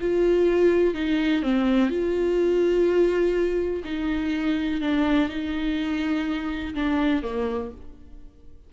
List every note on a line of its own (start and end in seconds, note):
0.00 0.94 F4
0.94 1.42 D#4
1.42 1.89 C4
1.89 3.83 F4
3.84 4.80 D#4
4.81 5.28 D4
5.28 6.73 D#4
6.74 7.22 D4
7.22 7.71 A#3